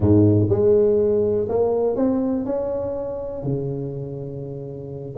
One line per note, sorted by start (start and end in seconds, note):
0.00 0.48 G#2
0.49 1.48 G#3
1.48 1.96 A#3
1.96 2.45 C4
2.45 3.43 C#4
3.43 5.15 C#3